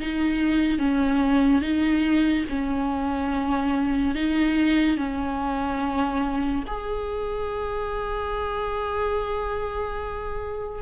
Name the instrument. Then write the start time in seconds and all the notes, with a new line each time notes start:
viola
0.00 D#4
0.79 C#4
1.61 D#4
2.49 C#4
4.15 D#4
4.97 C#4
6.67 G#4